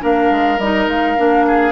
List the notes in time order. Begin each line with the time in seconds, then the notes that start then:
0.00 A#3 D4 A#4 F5
0.30 G#3
0.58 G3 D#4 D#5
0.87 G#3 F5
1.17 A#3 D4
1.47 G#4